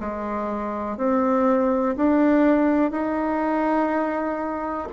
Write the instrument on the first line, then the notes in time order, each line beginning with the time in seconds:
bassoon
0.00 G#3
0.97 C4
1.97 D4
2.91 D#4